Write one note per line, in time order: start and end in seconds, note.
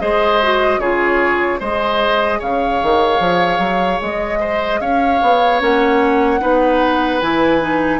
0.00 0.78 G#3
0.00 0.40 G#4
0.00 0.81 C5
0.00 0.80 D#5
0.42 0.82 F#4
0.78 1.58 C#3
0.78 1.60 F4
0.78 1.60 G#4
0.78 1.60 C#5
1.60 2.41 G#3
1.60 5.60 G#4
1.60 2.39 C5
1.60 2.40 D#5
2.39 2.81 C#3
2.39 4.39 C#5
2.39 4.02 F5
2.83 3.20 D#3
3.20 3.59 F3
3.59 3.99 F#3
4.02 4.80 G#3
4.02 4.81 D#5
4.40 4.80 C5
4.80 5.20 C#4
4.80 6.41 C#5
4.80 5.61 F5
5.22 5.61 B3
5.60 6.41 A#3
5.60 6.40 C#4
5.60 7.21 F#5
6.40 7.22 B3
6.40 7.20 D#4
6.40 8.00 B4
7.21 8.00 E3
7.21 7.61 E4
7.21 8.00 G#5
7.61 8.00 D#4